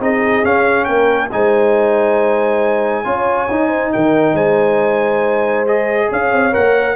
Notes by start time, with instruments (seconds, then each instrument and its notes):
0.00 tuba C4, trombone D#4, horn G#4, trumpet D#5
0.43 trombone C#4, tuba C#4, trumpet F5
0.85 tuba A#3, horn A#4, trumpet G5
1.32 tuba G#3, trombone D#4, horn C5, trumpet G#5
3.05 tuba C#4, trombone F4, horn C#5
3.51 tuba D#4, trombone D#4
3.68 horn C5
3.93 tuba D#3, horn A#4, trumpet G5
4.34 tuba G#3, horn C5, trumpet G#5
5.67 trombone G#4, trumpet D#5
6.09 tuba C#4, horn C#5, trumpet F5
6.32 tuba C4
6.52 tuba A#3, trombone A#4, trumpet F#5